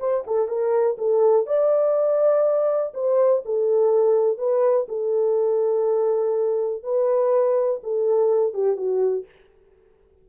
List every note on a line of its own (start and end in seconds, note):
0.00 0.24 C5
0.27 0.48 A4
0.48 0.97 A#4
0.98 1.47 A4
1.47 2.93 D5
2.94 3.43 C5
3.45 4.38 A4
4.38 4.87 B4
4.89 6.84 A4
6.84 7.81 B4
7.84 8.54 A4
8.54 8.77 G4
8.77 9.26 F#4